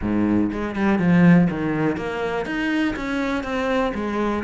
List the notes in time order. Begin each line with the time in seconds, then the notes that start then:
0.01 G#2
0.51 G#3
0.75 G3
0.99 F3
1.50 D#3
1.96 A#3
2.45 D#4
2.96 C#4
3.43 C4
3.94 G#3